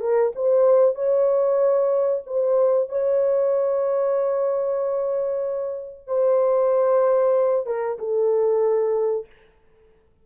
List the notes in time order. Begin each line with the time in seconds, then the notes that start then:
0.00 A#4
0.35 C5
0.95 C#5
2.26 C5
2.89 C#5
6.07 C5
7.66 A#4
7.98 A4